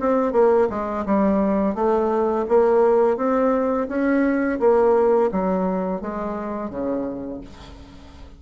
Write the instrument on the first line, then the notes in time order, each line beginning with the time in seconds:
bassoon
0.00 C4
0.32 A#3
0.69 G#3
1.06 G3
1.75 A3
2.48 A#3
3.17 C4
3.89 C#4
4.60 A#3
5.31 F#3
6.01 G#3
6.70 C#3